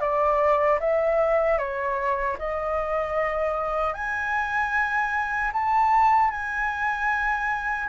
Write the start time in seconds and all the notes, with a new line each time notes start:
0.00 D5
0.80 E5
1.58 C#5
2.39 D#5
3.94 G#5
5.53 A5
6.31 G#5